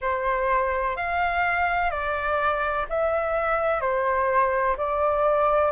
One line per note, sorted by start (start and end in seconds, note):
0.01 0.96 C5
0.96 1.90 F5
1.90 2.86 D5
2.89 3.81 E5
3.81 4.76 C5
4.77 5.71 D5